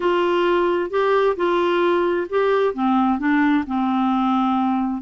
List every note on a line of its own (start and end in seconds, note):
0.00 0.90 F4
0.90 1.35 G4
1.36 2.27 F4
2.29 2.74 G4
2.74 3.18 C4
3.18 3.64 D4
3.66 5.02 C4